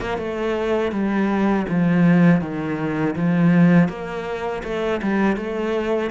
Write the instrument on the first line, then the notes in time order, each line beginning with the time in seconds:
cello
0.00 A#3
0.18 A3
0.92 G3
1.68 F3
2.41 D#3
3.15 F3
3.88 A#3
4.64 A3
5.02 G3
5.36 A3